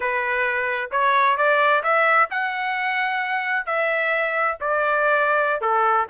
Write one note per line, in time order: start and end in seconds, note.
0.00 0.90 B4
0.91 1.37 C#5
1.37 1.82 D5
1.83 2.29 E5
2.30 3.66 F#5
3.66 4.57 E5
4.60 5.61 D5
5.61 6.06 A4